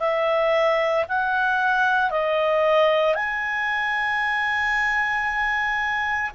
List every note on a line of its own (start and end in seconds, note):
0.00 1.05 E5
1.09 2.11 F#5
2.11 3.15 D#5
3.15 6.31 G#5